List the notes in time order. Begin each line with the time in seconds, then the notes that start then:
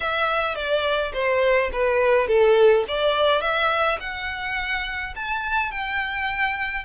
0.00 E5
0.55 D5
1.13 C5
1.72 B4
2.27 A4
2.88 D5
3.41 E5
4.00 F#5
5.15 A5
5.71 G5